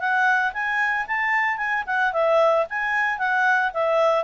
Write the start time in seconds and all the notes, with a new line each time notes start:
0.00 F#5
0.54 G#5
1.08 A5
1.58 G#5
1.87 F#5
2.13 E5
2.70 G#5
3.19 F#5
3.74 E5